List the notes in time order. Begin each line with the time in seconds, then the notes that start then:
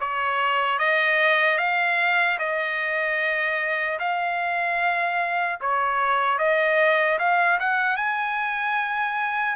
0.00 C#5
0.79 D#5
1.58 F5
2.39 D#5
3.99 F5
5.60 C#5
6.38 D#5
7.19 F5
7.60 F#5
7.96 G#5